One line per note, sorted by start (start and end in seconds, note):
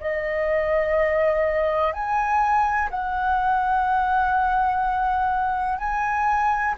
0.00 1.93 D#5
1.93 2.89 G#5
2.90 5.78 F#5
5.78 6.75 G#5